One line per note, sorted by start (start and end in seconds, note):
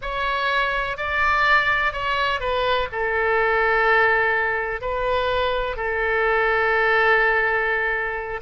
0.01 0.97 C#5
0.97 1.92 D5
1.92 2.40 C#5
2.40 2.88 B4
2.92 4.81 A4
4.81 5.76 B4
5.76 8.40 A4